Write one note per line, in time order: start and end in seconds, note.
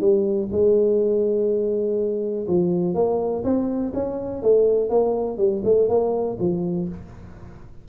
0.00 0.49 G3
0.51 2.47 G#3
2.47 2.94 F3
2.94 3.43 A#3
3.44 3.92 C4
3.94 4.42 C#4
4.42 4.90 A3
4.90 5.37 A#3
5.37 5.62 G3
5.64 5.88 A3
5.88 6.37 A#3
6.39 6.88 F3